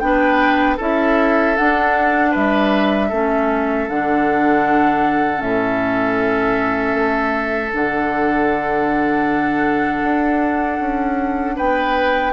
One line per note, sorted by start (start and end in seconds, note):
0.00 0.78 B3
0.00 0.78 D4
0.00 0.77 B4
0.00 0.77 G5
0.77 1.57 C#4
0.77 1.57 E4
0.77 2.31 A4
0.77 1.57 E5
1.57 3.12 D4
1.57 2.36 D4
1.57 2.33 F#5
2.31 3.11 G3
2.31 3.08 B4
2.31 3.89 E5
3.09 3.88 A3
3.09 3.89 C#4
3.09 11.55 A4
3.89 5.41 D3
3.89 5.37 D4
3.89 5.42 F#5
5.37 6.94 A2
5.37 7.67 C#4
5.37 7.72 E5
6.94 7.71 A3
7.73 10.03 D3
7.73 12.33 D4
7.73 11.57 F#5
10.03 10.79 D4
10.79 11.56 C#4
11.56 12.33 B3
11.56 12.33 B4
11.56 12.33 G5